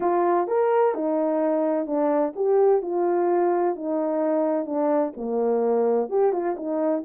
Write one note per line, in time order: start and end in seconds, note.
0.00 0.47 F4
0.47 0.94 A#4
0.94 1.86 D#4
1.86 2.33 D4
2.35 2.81 G4
2.81 3.75 F4
3.75 4.65 D#4
4.65 5.12 D4
5.16 6.09 A#3
6.09 6.32 G4
6.32 6.55 F4
6.56 7.03 D#4